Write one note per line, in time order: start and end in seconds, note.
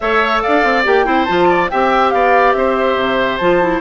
0.00 0.43 A3
0.00 0.84 A4
0.00 0.42 C#5
0.00 0.40 E5
0.41 1.05 D5
0.41 0.84 F5
0.47 0.63 D4
0.63 0.85 C4
0.84 1.06 A#3
0.84 1.05 G4
0.84 1.24 G5
1.05 1.27 C4
1.05 1.26 E4
1.05 1.48 C5
1.24 1.71 F3
1.24 1.70 F4
1.24 1.67 A5
1.49 1.70 D5
1.70 2.13 C4
1.70 3.41 G4
1.70 2.13 E5
1.70 2.10 G5
2.10 2.54 B3
2.10 2.56 D5
2.10 2.52 F5
2.52 2.95 C4
2.52 3.80 C5
2.52 3.37 E5
2.95 3.38 C3
3.37 3.80 F3
3.37 3.61 F4
3.37 3.79 A5
3.61 3.80 E4